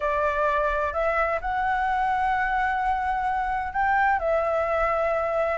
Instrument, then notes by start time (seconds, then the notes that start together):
flute
0.00 D5
0.93 E5
1.41 F#5
3.73 G5
4.19 E5